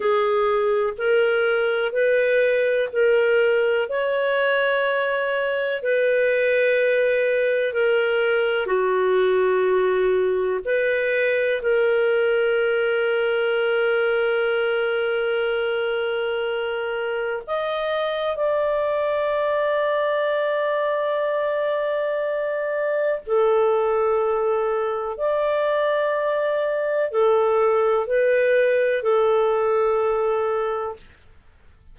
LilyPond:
\new Staff \with { instrumentName = "clarinet" } { \time 4/4 \tempo 4 = 62 gis'4 ais'4 b'4 ais'4 | cis''2 b'2 | ais'4 fis'2 b'4 | ais'1~ |
ais'2 dis''4 d''4~ | d''1 | a'2 d''2 | a'4 b'4 a'2 | }